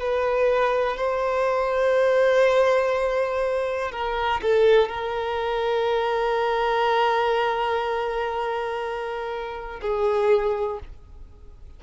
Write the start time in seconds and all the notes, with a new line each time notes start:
0.00 B4
0.97 C5
3.92 A#4
4.42 A4
4.89 A#4
9.81 G#4